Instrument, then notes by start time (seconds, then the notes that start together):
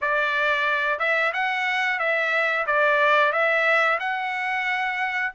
trumpet
0.01 D5
0.98 E5
1.33 F#5
1.99 E5
2.66 D5
3.32 E5
3.99 F#5